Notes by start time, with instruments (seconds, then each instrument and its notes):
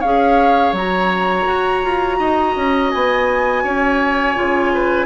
0.00 bassoon C#4, clarinet G#4, oboe C#5, flute F5
0.73 bassoon F#3, clarinet F#4, flute A#5
1.47 bassoon F#4
1.84 bassoon F4
2.19 bassoon D#4, oboe D#5
2.56 bassoon C#4
2.91 bassoon B3, flute G#5
3.64 bassoon C#4, oboe C#5
4.36 bassoon C#3, clarinet F4
4.74 oboe B4